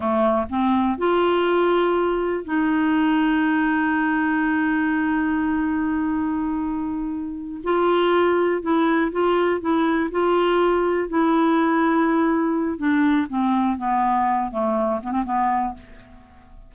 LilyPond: \new Staff \with { instrumentName = "clarinet" } { \time 4/4 \tempo 4 = 122 a4 c'4 f'2~ | f'4 dis'2.~ | dis'1~ | dis'2.~ dis'8 f'8~ |
f'4. e'4 f'4 e'8~ | e'8 f'2 e'4.~ | e'2 d'4 c'4 | b4. a4 b16 c'16 b4 | }